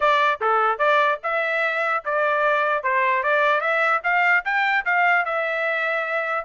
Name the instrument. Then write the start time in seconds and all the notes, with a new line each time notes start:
trumpet
0.00 D5
0.40 A4
0.78 D5
1.23 E5
2.04 D5
2.83 C5
3.23 D5
3.60 E5
4.03 F5
4.44 G5
4.85 F5
5.25 E5